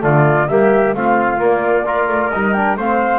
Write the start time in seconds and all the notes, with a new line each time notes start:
0.00 D3 A3 F4 D5
0.48 G3 A#3 G4 E5
0.94 A3 C4 F4 F5
1.37 A#3
1.44 D5
1.86 F4 A#4
2.07 A3
2.31 G3 D#4 D#5
2.53 D4 G5
2.77 A3 C4 C5 F5